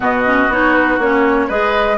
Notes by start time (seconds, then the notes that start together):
0.00 B2 B3 F#4 D#5
0.25 C#4
0.48 B3 D#4 C#5
0.73 B4
0.98 A#3 C#4 C#5
1.47 G#3 G#4 B4 D#5